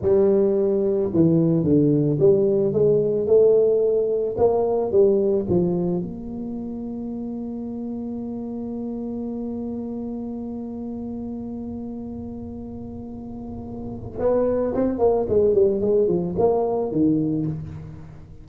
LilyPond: \new Staff \with { instrumentName = "tuba" } { \time 4/4 \tempo 4 = 110 g2 e4 d4 | g4 gis4 a2 | ais4 g4 f4 ais4~ | ais1~ |
ais1~ | ais1~ | ais2 b4 c'8 ais8 | gis8 g8 gis8 f8 ais4 dis4 | }